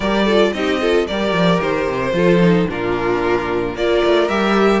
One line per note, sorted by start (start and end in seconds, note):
0.00 0.51 G3
0.00 0.27 G4
0.00 0.25 A#4
0.00 0.52 D5
0.25 0.54 F4
0.25 0.52 A4
0.53 1.06 C4
0.53 0.80 D#4
0.53 0.81 G4
0.53 1.06 D#5
0.81 1.08 F4
0.81 1.07 A4
1.07 1.32 G3
1.07 2.13 G4
1.07 2.15 A#4
1.07 1.60 D5
1.32 1.59 F3
1.61 1.87 D#3
1.61 2.68 C5
1.87 2.12 C3
2.12 2.65 F3
2.12 2.39 F4
2.12 2.70 A4
2.41 2.68 D#4
2.68 3.75 A#2
2.68 3.75 D4
2.68 3.75 F4
2.68 3.77 A#4
3.75 4.01 A#3
3.75 4.29 F4
3.75 4.80 A#4
3.75 4.28 D5
4.04 4.29 A3
4.28 4.80 G3
4.28 4.80 G4
4.28 4.80 E5